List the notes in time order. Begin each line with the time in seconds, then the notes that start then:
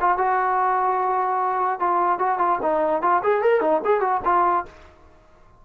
0.00 F4
0.17 F#4
1.79 F4
2.18 F#4
2.38 F4
2.61 D#4
3.01 F4
3.23 G#4
3.42 A#4
3.60 D#4
3.84 G#4
4.00 F#4
4.24 F4